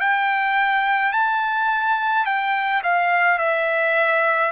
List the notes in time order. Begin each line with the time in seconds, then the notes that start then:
0.00 G5
1.13 A5
2.26 G5
2.83 F5
3.39 E5